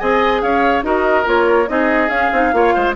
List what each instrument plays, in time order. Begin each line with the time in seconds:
0.00 bassoon C4, clarinet G#4, oboe D#5, flute G#5
0.42 bassoon C#4, oboe C#5, flute F5
0.83 bassoon D#4, clarinet F#4, oboe A#4, flute D#5
1.25 bassoon A#3, clarinet F4, flute C#5
1.67 bassoon C4, clarinet D#4, oboe G#4, flute D#5
2.10 bassoon C#4, clarinet C#4, flute F5
2.33 bassoon C4, clarinet D#4
2.53 bassoon A#3, clarinet F4, oboe C#5
2.75 bassoon G#3, oboe C5